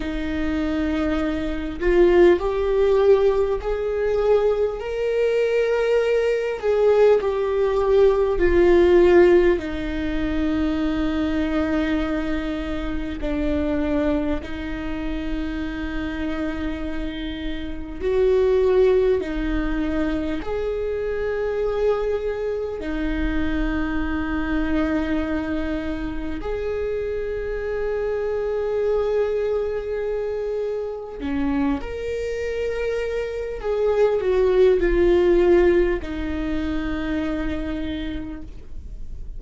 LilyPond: \new Staff \with { instrumentName = "viola" } { \time 4/4 \tempo 4 = 50 dis'4. f'8 g'4 gis'4 | ais'4. gis'8 g'4 f'4 | dis'2. d'4 | dis'2. fis'4 |
dis'4 gis'2 dis'4~ | dis'2 gis'2~ | gis'2 cis'8 ais'4. | gis'8 fis'8 f'4 dis'2 | }